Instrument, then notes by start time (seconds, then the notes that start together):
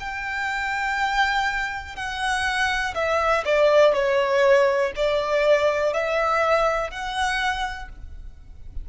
violin
0.00 G5
1.96 F#5
2.95 E5
3.45 D5
3.93 C#5
4.96 D5
5.93 E5
6.91 F#5